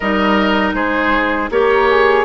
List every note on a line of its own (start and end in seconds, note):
0.00 0.74 G3
0.00 1.51 D#4
0.00 0.75 A#4
0.00 0.72 D#5
0.74 1.49 G#3
0.74 1.50 G#4
0.74 1.49 C5
1.50 2.24 A#3
1.50 2.24 G4
1.50 1.89 A#4
1.50 2.24 C#5
1.90 2.24 G#4